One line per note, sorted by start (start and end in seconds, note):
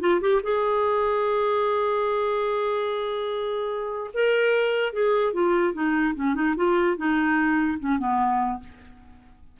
0.00 0.20 F4
0.20 0.41 G4
0.43 4.10 G#4
4.14 4.93 A#4
4.93 5.33 G#4
5.33 5.73 F4
5.73 6.14 D#4
6.15 6.35 C#4
6.35 6.55 D#4
6.56 6.96 F4
6.96 7.78 D#4
7.79 7.98 C#4
7.98 8.59 B3